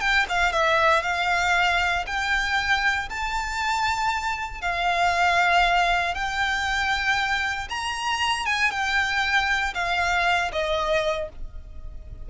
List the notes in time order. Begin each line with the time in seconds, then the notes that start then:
0.00 G5
0.29 F5
0.52 E5
1.03 F5
2.07 G5
3.09 A5
4.61 F5
6.14 G5
7.69 A#5
8.45 G#5
8.71 G5
9.74 F5
10.52 D#5